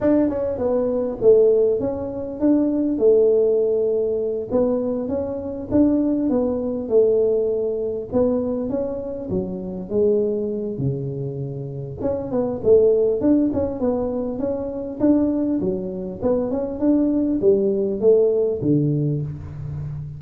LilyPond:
\new Staff \with { instrumentName = "tuba" } { \time 4/4 \tempo 4 = 100 d'8 cis'8 b4 a4 cis'4 | d'4 a2~ a8 b8~ | b8 cis'4 d'4 b4 a8~ | a4. b4 cis'4 fis8~ |
fis8 gis4. cis2 | cis'8 b8 a4 d'8 cis'8 b4 | cis'4 d'4 fis4 b8 cis'8 | d'4 g4 a4 d4 | }